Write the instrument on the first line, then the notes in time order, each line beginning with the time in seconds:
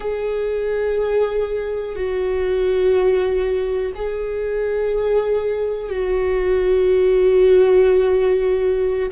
viola
0.00 G#4
1.95 F#4
3.95 G#4
5.89 F#4